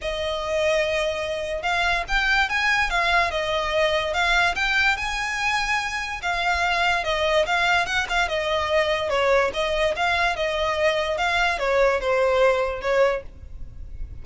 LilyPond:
\new Staff \with { instrumentName = "violin" } { \time 4/4 \tempo 4 = 145 dis''1 | f''4 g''4 gis''4 f''4 | dis''2 f''4 g''4 | gis''2. f''4~ |
f''4 dis''4 f''4 fis''8 f''8 | dis''2 cis''4 dis''4 | f''4 dis''2 f''4 | cis''4 c''2 cis''4 | }